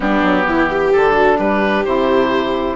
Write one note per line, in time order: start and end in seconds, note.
0.00 0.22 G3
0.00 0.92 B3
0.00 0.45 D4
0.00 0.92 G4
0.22 0.46 F#3
0.46 0.92 E3
0.46 0.70 E4
0.70 1.12 G4
0.92 1.38 D3
0.92 1.85 D4
0.92 1.38 A4
1.12 1.35 F#4
1.37 1.84 G3
1.37 2.75 G4
1.37 1.85 B4
1.85 2.75 C3
1.85 2.75 E4
1.85 2.75 C5